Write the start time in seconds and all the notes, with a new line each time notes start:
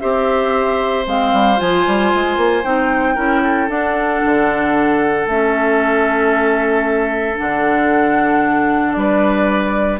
0.00 C4 G4 C5 E5
1.06 G#3 C4 F5
1.33 G3
1.57 F3 F4 G#5
1.87 G3
2.14 G#3
2.37 A#3
2.63 C4 D#4 G5
3.15 C#4 E4 A#4
3.43 A4
3.69 D4 F#5
4.25 D3
5.26 A3 C#4 E5
7.36 D3 D4 F#5
8.93 G3 D5
8.99 B4